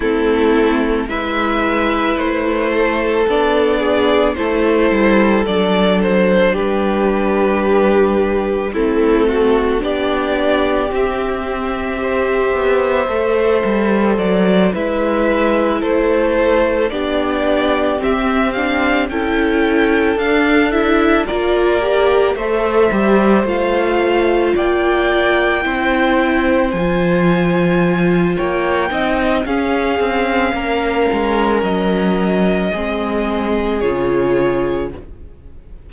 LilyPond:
<<
  \new Staff \with { instrumentName = "violin" } { \time 4/4 \tempo 4 = 55 a'4 e''4 c''4 d''4 | c''4 d''8 c''8 b'2 | a'4 d''4 e''2~ | e''4 d''8 e''4 c''4 d''8~ |
d''8 e''8 f''8 g''4 f''8 e''8 d''8~ | d''8 e''4 f''4 g''4.~ | g''8 gis''4. g''4 f''4~ | f''4 dis''2 cis''4 | }
  \new Staff \with { instrumentName = "violin" } { \time 4/4 e'4 b'4. a'4 gis'8 | a'2 g'2 | e'8 fis'8 g'2 c''4~ | c''4. b'4 a'4 g'8~ |
g'4. a'2 ais'8~ | ais'8 c''2 d''4 c''8~ | c''2 cis''8 dis''8 gis'4 | ais'2 gis'2 | }
  \new Staff \with { instrumentName = "viola" } { \time 4/4 c'4 e'2 d'4 | e'4 d'2. | c'4 d'4 c'4 g'4 | a'4. e'2 d'8~ |
d'8 c'8 d'8 e'4 d'8 e'8 f'8 | g'8 a'8 g'8 f'2 e'8~ | e'8 f'2 dis'8 cis'4~ | cis'2 c'4 f'4 | }
  \new Staff \with { instrumentName = "cello" } { \time 4/4 a4 gis4 a4 b4 | a8 g8 fis4 g2 | a4 b4 c'4. b8 | a8 g8 fis8 gis4 a4 b8~ |
b8 c'4 cis'4 d'4 ais8~ | ais8 a8 g8 a4 ais4 c'8~ | c'8 f4. ais8 c'8 cis'8 c'8 | ais8 gis8 fis4 gis4 cis4 | }
>>